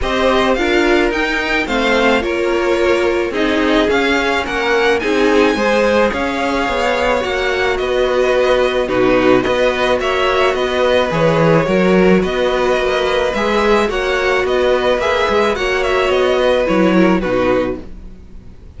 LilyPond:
<<
  \new Staff \with { instrumentName = "violin" } { \time 4/4 \tempo 4 = 108 dis''4 f''4 g''4 f''4 | cis''2 dis''4 f''4 | fis''4 gis''2 f''4~ | f''4 fis''4 dis''2 |
b'4 dis''4 e''4 dis''4 | cis''2 dis''2 | e''4 fis''4 dis''4 e''4 | fis''8 e''8 dis''4 cis''4 b'4 | }
  \new Staff \with { instrumentName = "violin" } { \time 4/4 c''4 ais'2 c''4 | ais'2 gis'2 | ais'4 gis'4 c''4 cis''4~ | cis''2 b'2 |
fis'4 b'4 cis''4 b'4~ | b'4 ais'4 b'2~ | b'4 cis''4 b'2 | cis''4. b'4 ais'8 fis'4 | }
  \new Staff \with { instrumentName = "viola" } { \time 4/4 g'4 f'4 dis'4 c'4 | f'2 dis'4 cis'4~ | cis'4 dis'4 gis'2~ | gis'4 fis'2. |
dis'4 fis'2. | gis'4 fis'2. | gis'4 fis'2 gis'4 | fis'2 e'4 dis'4 | }
  \new Staff \with { instrumentName = "cello" } { \time 4/4 c'4 d'4 dis'4 a4 | ais2 c'4 cis'4 | ais4 c'4 gis4 cis'4 | b4 ais4 b2 |
b,4 b4 ais4 b4 | e4 fis4 b4 ais4 | gis4 ais4 b4 ais8 gis8 | ais4 b4 fis4 b,4 | }
>>